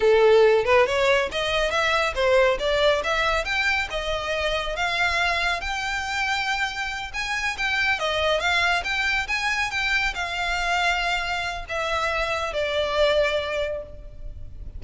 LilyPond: \new Staff \with { instrumentName = "violin" } { \time 4/4 \tempo 4 = 139 a'4. b'8 cis''4 dis''4 | e''4 c''4 d''4 e''4 | g''4 dis''2 f''4~ | f''4 g''2.~ |
g''8 gis''4 g''4 dis''4 f''8~ | f''8 g''4 gis''4 g''4 f''8~ | f''2. e''4~ | e''4 d''2. | }